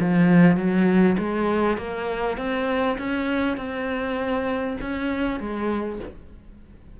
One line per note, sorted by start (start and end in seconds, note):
0.00 0.56 F3
0.56 1.16 F#3
1.19 1.78 G#3
1.78 2.38 A#3
2.38 2.98 C4
2.98 3.57 C#4
3.57 4.77 C4
4.81 5.40 C#4
5.40 6.00 G#3